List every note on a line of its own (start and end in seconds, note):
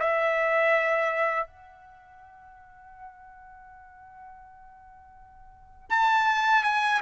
0.00 1.46 E5
1.46 5.90 F#5
5.90 6.64 A5
6.64 7.01 G#5